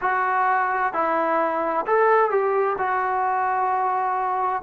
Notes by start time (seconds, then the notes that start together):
0.01 F#4
0.93 E4
1.86 A4
2.30 G4
2.77 F#4